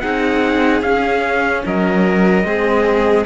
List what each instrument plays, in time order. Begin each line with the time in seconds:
0.00 cello C4 D#4, violin G#4, trumpet F#5
0.82 cello C#4, trumpet F5
1.65 cello F#3, violin A#4, trumpet D#5
2.44 cello G#3 C4, violin G#4